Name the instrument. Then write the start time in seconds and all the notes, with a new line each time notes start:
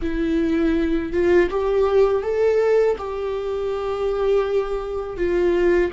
viola
0.01 E4
1.12 F4
1.50 G4
2.22 A4
2.98 G4
5.17 F4